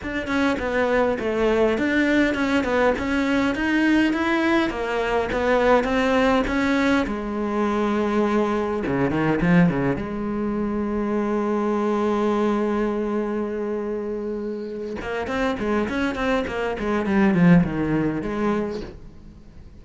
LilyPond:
\new Staff \with { instrumentName = "cello" } { \time 4/4 \tempo 4 = 102 d'8 cis'8 b4 a4 d'4 | cis'8 b8 cis'4 dis'4 e'4 | ais4 b4 c'4 cis'4 | gis2. cis8 dis8 |
f8 cis8 gis2.~ | gis1~ | gis4. ais8 c'8 gis8 cis'8 c'8 | ais8 gis8 g8 f8 dis4 gis4 | }